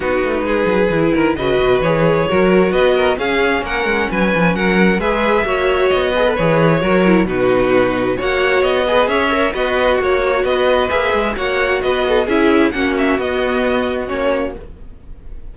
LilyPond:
<<
  \new Staff \with { instrumentName = "violin" } { \time 4/4 \tempo 4 = 132 b'2. dis''4 | cis''2 dis''4 f''4 | fis''4 gis''4 fis''4 e''4~ | e''4 dis''4 cis''2 |
b'2 fis''4 dis''4 | e''4 dis''4 cis''4 dis''4 | e''4 fis''4 dis''4 e''4 | fis''8 e''8 dis''2 cis''4 | }
  \new Staff \with { instrumentName = "violin" } { \time 4/4 fis'4 gis'4. ais'8 b'4~ | b'4 ais'4 b'8 ais'8 gis'4 | ais'4 b'4 ais'4 b'4 | cis''4. b'4. ais'4 |
fis'2 cis''4. b'8 | cis''4 fis'2 b'4~ | b'4 cis''4 b'8 a'8 gis'4 | fis'1 | }
  \new Staff \with { instrumentName = "viola" } { \time 4/4 dis'2 e'4 fis'4 | gis'4 fis'2 cis'4~ | cis'2. gis'4 | fis'4. gis'16 a'16 gis'4 fis'8 e'8 |
dis'2 fis'4. gis'8~ | gis'8 ais'8 b'4 fis'2 | gis'4 fis'2 e'4 | cis'4 b2 cis'4 | }
  \new Staff \with { instrumentName = "cello" } { \time 4/4 b8 a8 gis8 fis8 e8 dis8 cis8 b,8 | e4 fis4 b4 cis'4 | ais8 gis8 fis8 f8 fis4 gis4 | ais4 b4 e4 fis4 |
b,2 ais4 b4 | cis'4 b4 ais4 b4 | ais8 gis8 ais4 b4 cis'4 | ais4 b2 ais4 | }
>>